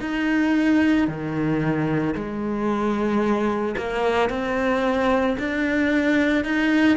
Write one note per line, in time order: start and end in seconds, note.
0.00 1.07 D#4
1.07 2.14 D#3
2.14 3.75 G#3
3.76 4.29 A#3
4.29 5.36 C4
5.39 6.44 D4
6.44 6.97 D#4